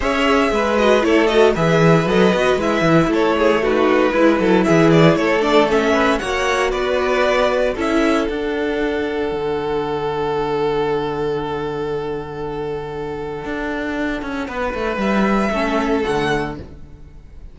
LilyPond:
<<
  \new Staff \with { instrumentName = "violin" } { \time 4/4 \tempo 4 = 116 e''4. dis''8 cis''8 dis''8 e''4 | dis''4 e''4 cis''4 b'4~ | b'4 e''8 d''8 cis''8 d''8 e''4 | fis''4 d''2 e''4 |
fis''1~ | fis''1~ | fis''1~ | fis''4 e''2 fis''4 | }
  \new Staff \with { instrumentName = "violin" } { \time 4/4 cis''4 b'4 a'4 b'4~ | b'2 a'8 gis'8 fis'4 | e'8 a'8 gis'4 a'4. b'8 | cis''4 b'2 a'4~ |
a'1~ | a'1~ | a'1 | b'2 a'2 | }
  \new Staff \with { instrumentName = "viola" } { \time 4/4 gis'4. fis'8 e'8 fis'8 gis'4 | a'8 fis'8 e'2 dis'4 | e'2~ e'8 d'8 cis'4 | fis'2. e'4 |
d'1~ | d'1~ | d'1~ | d'2 cis'4 a4 | }
  \new Staff \with { instrumentName = "cello" } { \time 4/4 cis'4 gis4 a4 e4 | fis8 b8 gis8 e8 a2 | gis8 fis8 e4 a2 | ais4 b2 cis'4 |
d'2 d2~ | d1~ | d2 d'4. cis'8 | b8 a8 g4 a4 d4 | }
>>